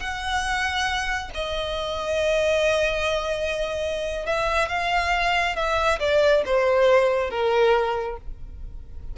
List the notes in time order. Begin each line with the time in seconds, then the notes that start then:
0.00 F#5
1.34 D#5
4.26 E5
4.69 F5
5.56 E5
5.99 D5
6.45 C5
7.30 A#4